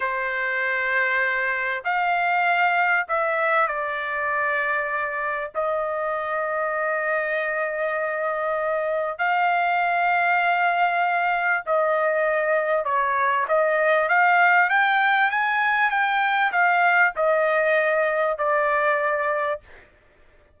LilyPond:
\new Staff \with { instrumentName = "trumpet" } { \time 4/4 \tempo 4 = 98 c''2. f''4~ | f''4 e''4 d''2~ | d''4 dis''2.~ | dis''2. f''4~ |
f''2. dis''4~ | dis''4 cis''4 dis''4 f''4 | g''4 gis''4 g''4 f''4 | dis''2 d''2 | }